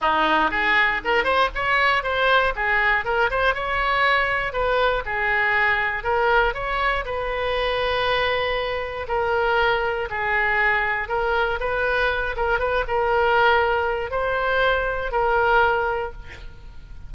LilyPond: \new Staff \with { instrumentName = "oboe" } { \time 4/4 \tempo 4 = 119 dis'4 gis'4 ais'8 c''8 cis''4 | c''4 gis'4 ais'8 c''8 cis''4~ | cis''4 b'4 gis'2 | ais'4 cis''4 b'2~ |
b'2 ais'2 | gis'2 ais'4 b'4~ | b'8 ais'8 b'8 ais'2~ ais'8 | c''2 ais'2 | }